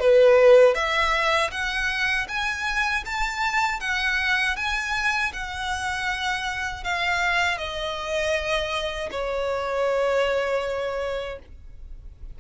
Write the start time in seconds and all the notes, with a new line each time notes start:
0.00 B4
0.75 E5
1.51 F#5
2.28 G#5
3.06 A5
3.80 F#5
4.56 G#5
5.33 F#5
6.84 F5
7.58 D#5
9.11 C#5